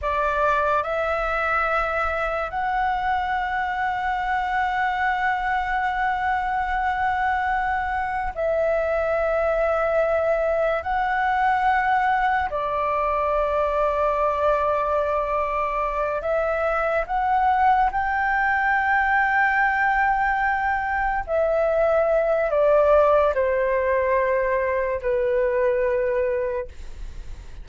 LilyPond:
\new Staff \with { instrumentName = "flute" } { \time 4/4 \tempo 4 = 72 d''4 e''2 fis''4~ | fis''1~ | fis''2 e''2~ | e''4 fis''2 d''4~ |
d''2.~ d''8 e''8~ | e''8 fis''4 g''2~ g''8~ | g''4. e''4. d''4 | c''2 b'2 | }